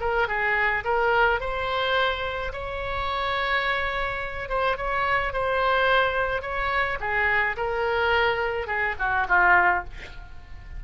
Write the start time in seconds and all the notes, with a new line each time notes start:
0.00 A#4
0.28 G#4
0.84 A#4
1.40 C5
2.53 C#5
4.49 C5
4.77 C#5
5.33 C5
6.42 C#5
7.00 G#4
7.57 A#4
8.67 G#4
8.99 F#4
9.28 F4